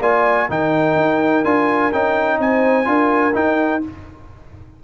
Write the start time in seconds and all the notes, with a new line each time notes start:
0.00 A#3 F4 D5 G#5
0.49 D#3 D#4 A#4 G5
0.96 D#4
1.44 D4 F4 G#5
1.92 C#4 D#4 G5
2.39 C4 C5 G#5
2.85 D4 F4 A#4
3.33 D#4 G5